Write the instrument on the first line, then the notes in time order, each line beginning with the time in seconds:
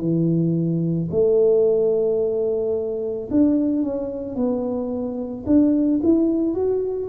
tuba
0.00 E3
1.11 A3
3.30 D4
3.82 C#4
4.35 B3
5.46 D4
6.03 E4
6.55 F#4